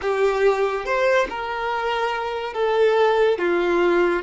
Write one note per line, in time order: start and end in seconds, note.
0.01 0.85 G4
0.85 1.27 C5
1.29 2.54 A#4
2.54 3.38 A4
3.38 4.23 F4